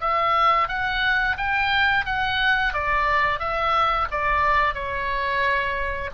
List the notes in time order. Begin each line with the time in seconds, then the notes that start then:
0.00 E5
0.68 F#5
1.37 G5
2.05 F#5
2.73 D5
3.39 E5
4.11 D5
4.74 C#5